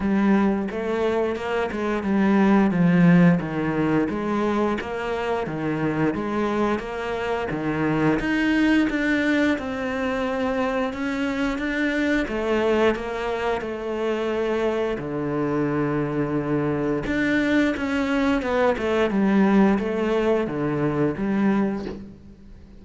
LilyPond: \new Staff \with { instrumentName = "cello" } { \time 4/4 \tempo 4 = 88 g4 a4 ais8 gis8 g4 | f4 dis4 gis4 ais4 | dis4 gis4 ais4 dis4 | dis'4 d'4 c'2 |
cis'4 d'4 a4 ais4 | a2 d2~ | d4 d'4 cis'4 b8 a8 | g4 a4 d4 g4 | }